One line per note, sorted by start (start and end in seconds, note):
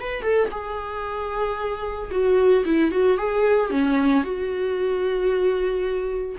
0.00 0.22 B4
0.22 0.49 A4
0.51 2.10 G#4
2.11 2.64 F#4
2.65 2.92 E4
2.92 3.18 F#4
3.18 3.71 G#4
3.71 4.24 C#4
4.24 6.36 F#4